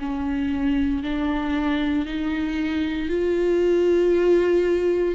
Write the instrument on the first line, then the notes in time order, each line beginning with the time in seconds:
viola
0.00 C#4
1.03 D4
2.06 D#4
3.09 F4